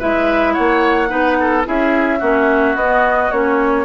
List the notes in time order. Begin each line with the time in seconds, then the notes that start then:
0.00 G#3 E4 B4 E5
0.54 A#3 C#5 F#5
1.09 B3 D#4 B4
1.40 A4
1.64 C#4 E4 G#4 E5
2.19 A#3 C#4 F#4
2.75 B3 D#5
3.31 A#3 C#4 C#5